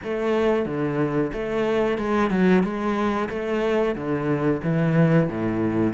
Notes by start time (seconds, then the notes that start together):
0.03 A3
0.65 D3
1.33 A3
1.98 G#3
2.30 F#3
2.63 G#3
3.29 A3
3.95 D3
4.63 E3
5.28 A2